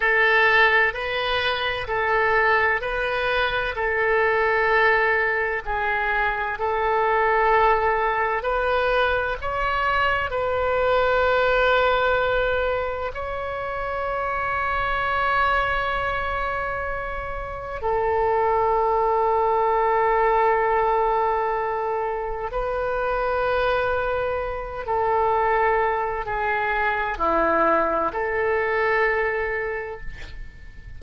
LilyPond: \new Staff \with { instrumentName = "oboe" } { \time 4/4 \tempo 4 = 64 a'4 b'4 a'4 b'4 | a'2 gis'4 a'4~ | a'4 b'4 cis''4 b'4~ | b'2 cis''2~ |
cis''2. a'4~ | a'1 | b'2~ b'8 a'4. | gis'4 e'4 a'2 | }